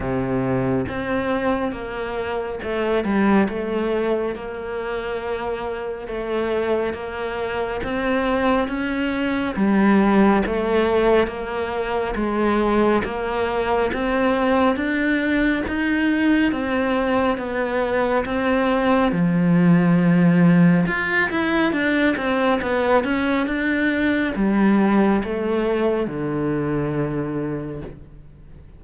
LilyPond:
\new Staff \with { instrumentName = "cello" } { \time 4/4 \tempo 4 = 69 c4 c'4 ais4 a8 g8 | a4 ais2 a4 | ais4 c'4 cis'4 g4 | a4 ais4 gis4 ais4 |
c'4 d'4 dis'4 c'4 | b4 c'4 f2 | f'8 e'8 d'8 c'8 b8 cis'8 d'4 | g4 a4 d2 | }